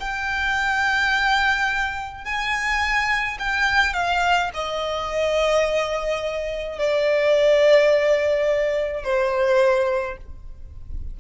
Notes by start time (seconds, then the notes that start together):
0.00 G5
2.25 G#5
3.39 G5
3.94 F5
4.54 D#5
6.79 D5
9.04 C5